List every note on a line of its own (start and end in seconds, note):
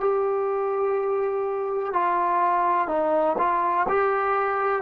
0.00 1.93 G4
1.93 2.88 F4
2.88 3.36 D#4
3.38 3.87 F4
3.89 4.82 G4